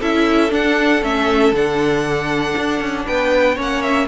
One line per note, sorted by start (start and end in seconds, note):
0.00 0.52 C#4
0.00 0.49 E4
0.00 3.05 A4
0.00 0.53 E5
0.49 1.00 D4
0.49 1.03 D4
0.49 1.04 F#5
1.03 1.52 A3
1.03 1.53 C#4
1.03 1.55 E5
1.52 2.54 D3
1.52 3.57 D4
1.52 3.07 F#5
2.57 2.80 D4
2.80 3.06 C#4
3.06 3.58 B3
3.06 3.55 B4
3.06 3.58 G5
3.55 4.08 A#3
3.55 4.07 C#4
3.55 4.06 C#5
3.62 3.83 F#5
3.83 4.08 E5